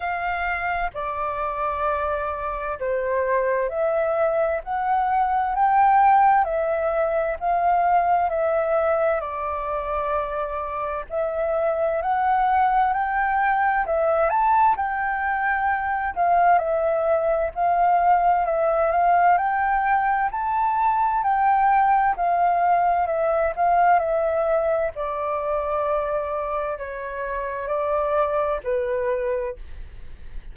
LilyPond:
\new Staff \with { instrumentName = "flute" } { \time 4/4 \tempo 4 = 65 f''4 d''2 c''4 | e''4 fis''4 g''4 e''4 | f''4 e''4 d''2 | e''4 fis''4 g''4 e''8 a''8 |
g''4. f''8 e''4 f''4 | e''8 f''8 g''4 a''4 g''4 | f''4 e''8 f''8 e''4 d''4~ | d''4 cis''4 d''4 b'4 | }